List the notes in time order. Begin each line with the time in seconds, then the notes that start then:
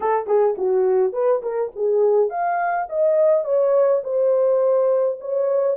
0.00 A4
0.26 G#4
0.57 F#4
1.12 B4
1.42 A#4
1.75 G#4
2.29 F5
2.89 D#5
3.44 C#5
4.03 C5
5.20 C#5